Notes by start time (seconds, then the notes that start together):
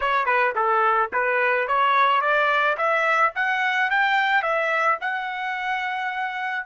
0.00 C#5
0.25 B4
0.55 A4
1.12 B4
1.67 C#5
2.21 D5
2.77 E5
3.35 F#5
3.90 G5
4.42 E5
5.00 F#5